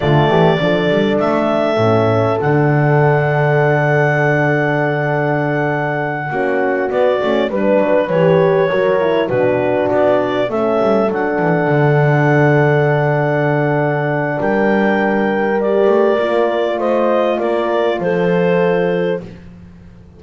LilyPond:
<<
  \new Staff \with { instrumentName = "clarinet" } { \time 4/4 \tempo 4 = 100 d''2 e''2 | fis''1~ | fis''2.~ fis''8 d''8~ | d''8 b'4 cis''2 b'8~ |
b'8 d''4 e''4 fis''4.~ | fis''1 | g''2 d''2 | dis''4 d''4 c''2 | }
  \new Staff \with { instrumentName = "horn" } { \time 4/4 f'8 g'8 a'2.~ | a'1~ | a'2~ a'8 fis'4.~ | fis'8 b'2 ais'4 fis'8~ |
fis'4. a'2~ a'8~ | a'1 | ais'1 | c''4 ais'4 a'2 | }
  \new Staff \with { instrumentName = "horn" } { \time 4/4 a4 d'2 cis'4 | d'1~ | d'2~ d'8 cis'4 b8 | cis'8 d'4 g'4 fis'8 e'8 d'8~ |
d'4. cis'4 d'4.~ | d'1~ | d'2 g'4 f'4~ | f'1 | }
  \new Staff \with { instrumentName = "double bass" } { \time 4/4 d8 e8 f8 g8 a4 a,4 | d1~ | d2~ d8 ais4 b8 | a8 g8 fis8 e4 fis4 b,8~ |
b,8 b4 a8 g8 fis8 e8 d8~ | d1 | g2~ g8 a8 ais4 | a4 ais4 f2 | }
>>